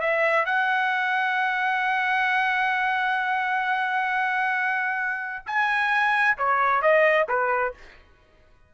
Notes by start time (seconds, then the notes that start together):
0.00 E5
0.45 F#5
5.46 G#5
6.37 C#5
6.81 D#5
7.28 B4